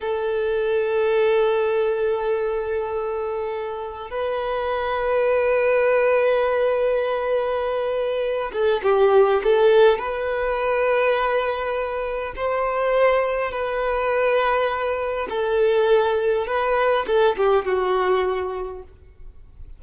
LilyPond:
\new Staff \with { instrumentName = "violin" } { \time 4/4 \tempo 4 = 102 a'1~ | a'2. b'4~ | b'1~ | b'2~ b'8 a'8 g'4 |
a'4 b'2.~ | b'4 c''2 b'4~ | b'2 a'2 | b'4 a'8 g'8 fis'2 | }